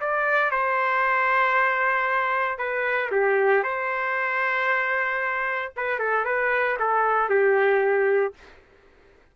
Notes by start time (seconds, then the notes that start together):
0.00 D5
0.51 C5
2.58 B4
3.11 G4
3.63 C5
5.76 B4
5.99 A4
6.25 B4
6.79 A4
7.29 G4